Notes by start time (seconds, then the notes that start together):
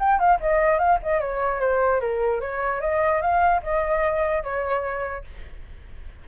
0.00 G5
0.20 F5
0.41 D#5
0.79 F5
1.03 D#5
1.21 C#5
1.61 C5
2.01 A#4
2.41 C#5
2.81 D#5
3.22 F5
3.63 D#5
4.44 C#5